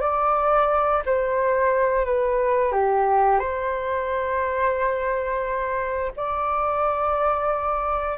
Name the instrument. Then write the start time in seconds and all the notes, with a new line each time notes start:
flute
0.00 D5
1.05 C5
2.05 B4
2.72 G4
3.39 C5
6.16 D5